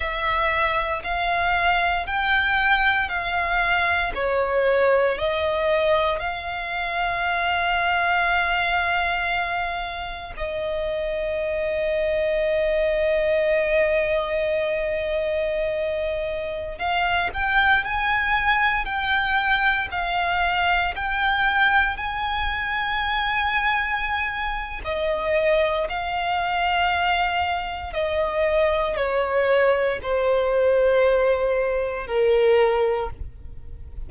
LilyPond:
\new Staff \with { instrumentName = "violin" } { \time 4/4 \tempo 4 = 58 e''4 f''4 g''4 f''4 | cis''4 dis''4 f''2~ | f''2 dis''2~ | dis''1~ |
dis''16 f''8 g''8 gis''4 g''4 f''8.~ | f''16 g''4 gis''2~ gis''8. | dis''4 f''2 dis''4 | cis''4 c''2 ais'4 | }